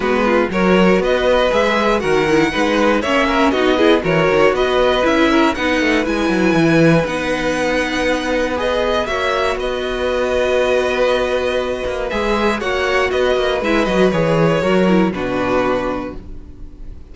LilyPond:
<<
  \new Staff \with { instrumentName = "violin" } { \time 4/4 \tempo 4 = 119 b'4 cis''4 dis''4 e''4 | fis''2 e''4 dis''4 | cis''4 dis''4 e''4 fis''4 | gis''2 fis''2~ |
fis''4 dis''4 e''4 dis''4~ | dis''1 | e''4 fis''4 dis''4 e''8 dis''8 | cis''2 b'2 | }
  \new Staff \with { instrumentName = "violin" } { \time 4/4 fis'8 f'8 ais'4 b'2 | ais'4 b'4 cis''8 ais'8 fis'8 gis'8 | ais'4 b'4. ais'8 b'4~ | b'1~ |
b'2 cis''4 b'4~ | b'1~ | b'4 cis''4 b'2~ | b'4 ais'4 fis'2 | }
  \new Staff \with { instrumentName = "viola" } { \time 4/4 b4 fis'2 gis'4 | fis'8 e'8 dis'4 cis'4 dis'8 e'8 | fis'2 e'4 dis'4 | e'2 dis'2~ |
dis'4 gis'4 fis'2~ | fis'1 | gis'4 fis'2 e'8 fis'8 | gis'4 fis'8 e'8 d'2 | }
  \new Staff \with { instrumentName = "cello" } { \time 4/4 gis4 fis4 b4 gis4 | dis4 gis4 ais4 b4 | e8 dis8 b4 cis'4 b8 a8 | gis8 fis8 e4 b2~ |
b2 ais4 b4~ | b2.~ b8 ais8 | gis4 ais4 b8 ais8 gis8 fis8 | e4 fis4 b,2 | }
>>